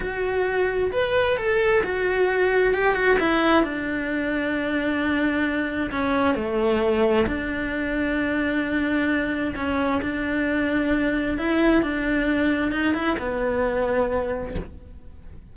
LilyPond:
\new Staff \with { instrumentName = "cello" } { \time 4/4 \tempo 4 = 132 fis'2 b'4 a'4 | fis'2 g'8 fis'8 e'4 | d'1~ | d'4 cis'4 a2 |
d'1~ | d'4 cis'4 d'2~ | d'4 e'4 d'2 | dis'8 e'8 b2. | }